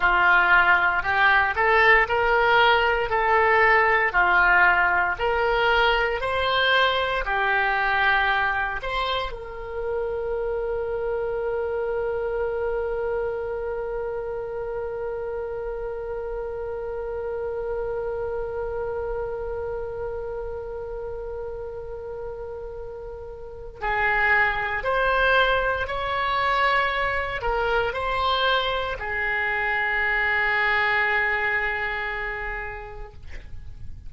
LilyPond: \new Staff \with { instrumentName = "oboe" } { \time 4/4 \tempo 4 = 58 f'4 g'8 a'8 ais'4 a'4 | f'4 ais'4 c''4 g'4~ | g'8 c''8 ais'2.~ | ais'1~ |
ais'1~ | ais'2. gis'4 | c''4 cis''4. ais'8 c''4 | gis'1 | }